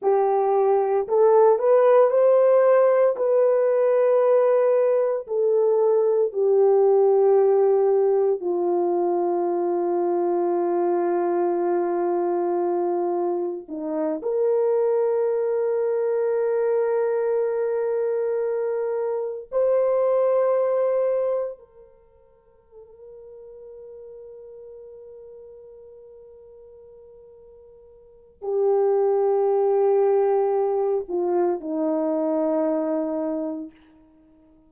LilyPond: \new Staff \with { instrumentName = "horn" } { \time 4/4 \tempo 4 = 57 g'4 a'8 b'8 c''4 b'4~ | b'4 a'4 g'2 | f'1~ | f'4 dis'8 ais'2~ ais'8~ |
ais'2~ ais'8 c''4.~ | c''8 ais'2.~ ais'8~ | ais'2. g'4~ | g'4. f'8 dis'2 | }